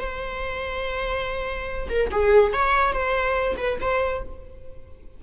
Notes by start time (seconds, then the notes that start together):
0.00 C5
1.90 A#4
2.12 G#4
2.53 C#5
2.93 C5
3.58 B4
3.81 C5